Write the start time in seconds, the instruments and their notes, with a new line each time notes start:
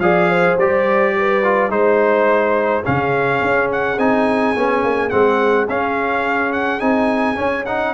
0.00 tuba F3, trombone G#4, horn D5, trumpet F5
0.30 horn C5
0.58 tuba G3, trombone G4, trumpet D5
1.18 horn B4
1.44 trombone F4
1.70 tuba G#3, trombone D#4, trumpet C5, horn C5
2.83 tuba C#3, trombone C#4, horn G#4, trumpet F5
3.42 tuba C#4
3.72 trumpet F#5
3.98 tuba C4, trombone D#4, trumpet G#5
4.57 tuba B3, trombone C#4
4.84 tuba A#3
5.10 tuba G#3, trombone C4, trumpet F#5
5.69 tuba C#4, trombone C#4, trumpet F5
6.53 trumpet F#5
6.80 tuba C4, trombone D#4, trumpet G#5
7.36 trombone C#4, tuba C#4
7.66 trombone D#4, trumpet F#5